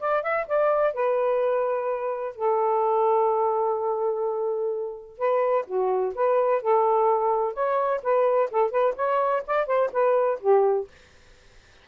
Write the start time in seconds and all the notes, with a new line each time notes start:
0.00 D5
0.23 E5
0.47 D5
0.94 B4
2.36 A4
5.18 B4
5.67 F#4
6.15 B4
6.62 A4
7.54 C#5
8.03 B4
8.51 A4
8.71 B4
8.96 C#5
9.47 D5
9.67 C5
9.93 B4
10.41 G4